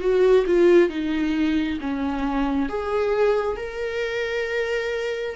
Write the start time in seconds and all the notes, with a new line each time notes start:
0.00 F#4
0.46 F4
0.89 D#4
1.80 C#4
2.69 G#4
3.56 A#4